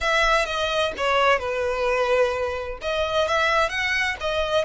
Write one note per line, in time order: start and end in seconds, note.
0.01 0.45 E5
0.45 0.92 D#5
0.97 1.38 C#5
1.38 2.78 B4
2.81 3.27 D#5
3.27 3.69 E5
3.69 4.15 F#5
4.20 4.64 D#5